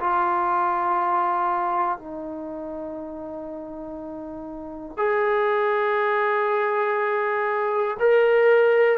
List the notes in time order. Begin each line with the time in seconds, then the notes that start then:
0.00 F4
1.98 D#4
4.97 G#4
8.00 A#4